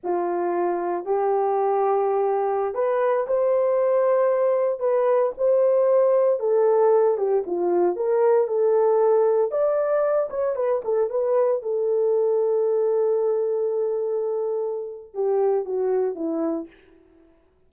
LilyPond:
\new Staff \with { instrumentName = "horn" } { \time 4/4 \tempo 4 = 115 f'2 g'2~ | g'4~ g'16 b'4 c''4.~ c''16~ | c''4~ c''16 b'4 c''4.~ c''16~ | c''16 a'4. g'8 f'4 ais'8.~ |
ais'16 a'2 d''4. cis''16~ | cis''16 b'8 a'8 b'4 a'4.~ a'16~ | a'1~ | a'4 g'4 fis'4 e'4 | }